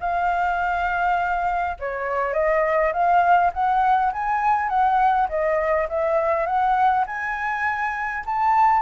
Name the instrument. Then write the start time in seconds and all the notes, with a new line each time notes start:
flute
0.00 F5
1.79 C#5
2.33 D#5
2.93 F5
3.53 F#5
4.13 G#5
4.69 F#5
5.29 D#5
5.89 E5
6.46 F#5
7.07 G#5
8.26 A5